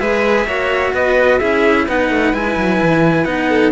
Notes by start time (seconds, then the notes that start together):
0.00 G#3 G#4 B4 E5
0.46 A#3 F#4 C#5
0.94 B3 B4 D#5
1.39 C#4 E4 G#4 E5
1.87 B3 D#4 B4 F#5
2.10 A3
2.34 G#3 E4 G#5
2.57 F#3
2.82 E3
3.25 B3 D#4 F#5
3.50 A4